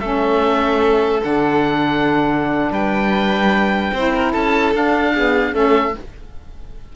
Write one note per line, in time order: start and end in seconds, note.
0.00 1.22 A3
0.00 1.22 C#4
0.00 2.72 A4
0.00 1.21 E5
1.22 2.71 D3
1.22 3.94 D4
1.22 2.73 F#5
2.71 3.92 G3
2.71 3.93 B4
2.71 4.33 G5
3.93 4.34 C4
3.93 4.74 E4
3.93 4.13 C5
4.15 4.32 A#4
4.32 4.74 C#4
4.32 5.13 A4
4.32 4.73 A5
4.74 5.14 D4
4.74 5.54 D4
4.74 5.56 F5
5.14 5.53 B3
5.14 5.53 G#4
5.53 5.95 A3
5.53 5.94 C#4
5.53 5.94 A4
5.53 5.96 E5